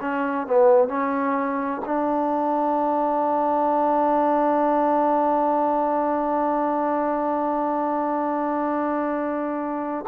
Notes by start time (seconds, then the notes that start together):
0.00 C#4
0.47 B3
0.88 C#4
1.85 D4